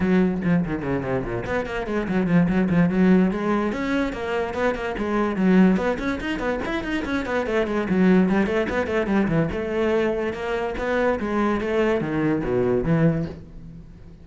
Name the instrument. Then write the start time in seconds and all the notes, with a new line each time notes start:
cello
0.00 F#3
0.44 F3
0.65 D#3
0.82 C#3
1.03 C3
1.24 A#2
1.45 B3
1.66 A#3
1.86 G#3
2.08 F#3
2.26 F3
2.48 F#3
2.69 F3
2.89 F#3
3.31 G#3
3.72 C#4
4.12 A#3
4.54 B3
4.74 A#3
4.98 G#3
5.36 F#3
5.76 B3
5.98 C#4
6.20 D#4
6.39 B3
6.65 E4
6.83 D#4
7.05 C#4
7.25 B3
7.46 A3
7.66 G#3
7.89 F#3
8.29 G3
8.46 A3
8.69 B3
8.86 A3
9.06 G3
9.28 E3
9.52 A3
10.33 A#3
10.78 B3
11.19 G#3
11.60 A3
12.01 D#3
12.43 B2
12.84 E3